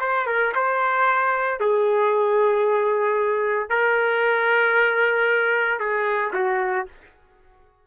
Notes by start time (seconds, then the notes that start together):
0.00 C5
0.26 A#4
0.55 C5
1.60 G#4
3.69 A#4
5.79 G#4
6.33 F#4